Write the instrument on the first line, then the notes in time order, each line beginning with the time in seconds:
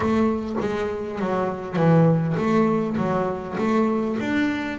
double bass
0.00 A3
0.60 G#3
1.19 F#3
1.76 E3
2.37 A3
2.97 F#3
3.58 A3
4.19 D4